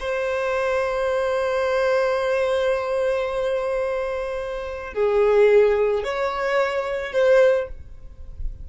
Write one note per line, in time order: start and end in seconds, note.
0.00 4.94 C5
4.94 6.04 G#4
6.04 7.13 C#5
7.13 7.68 C5